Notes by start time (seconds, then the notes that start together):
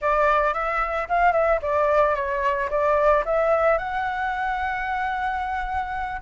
0.01 D5
0.53 E5
1.08 F5
1.32 E5
1.61 D5
2.15 C#5
2.70 D5
3.25 E5
3.77 F#5